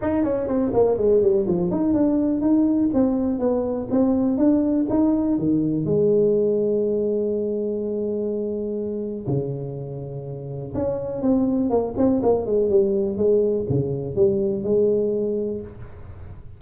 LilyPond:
\new Staff \with { instrumentName = "tuba" } { \time 4/4 \tempo 4 = 123 dis'8 cis'8 c'8 ais8 gis8 g8 f8 dis'8 | d'4 dis'4 c'4 b4 | c'4 d'4 dis'4 dis4 | gis1~ |
gis2. cis4~ | cis2 cis'4 c'4 | ais8 c'8 ais8 gis8 g4 gis4 | cis4 g4 gis2 | }